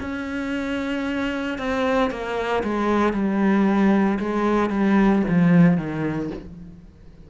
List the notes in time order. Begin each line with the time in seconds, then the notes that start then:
0.00 C#4
1.58 C4
2.11 A#3
2.63 G#3
3.13 G3
4.19 G#3
4.70 G3
5.28 F3
5.77 D#3